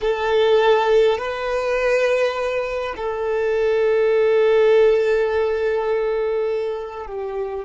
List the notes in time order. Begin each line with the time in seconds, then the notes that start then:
0.01 A4
1.18 B4
2.96 A4
7.06 G4